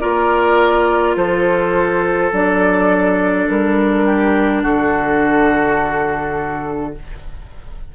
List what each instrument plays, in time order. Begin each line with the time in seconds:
0.00 bassoon A#3, clarinet F4, oboe A#4, flute D5
1.16 bassoon F3, oboe A4, flute C5
2.32 bassoon F#3, clarinet D4, flute D5
3.49 bassoon G3, flute A#4
4.05 oboe G4
4.62 bassoon D3, oboe F#4, flute A4